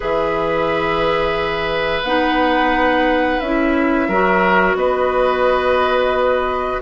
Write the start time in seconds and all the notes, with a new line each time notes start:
0.00 E3 G#4 B4 E5
2.02 B3 D#4 F#5
3.39 C#4 E4 E5
4.08 F#3 F#4 A#4
4.74 B3 B4 D#5